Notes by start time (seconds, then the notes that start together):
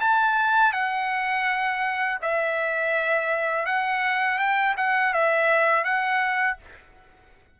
0.00 A5
0.72 F#5
2.22 E5
3.66 F#5
4.38 G5
4.77 F#5
5.13 E5
5.84 F#5